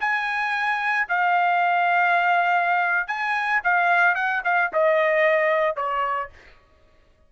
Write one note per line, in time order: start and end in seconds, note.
0.00 1.07 G#5
1.08 3.07 F5
3.07 3.61 G#5
3.64 4.15 F5
4.15 4.42 F#5
4.44 4.71 F5
4.73 5.76 D#5
5.76 6.29 C#5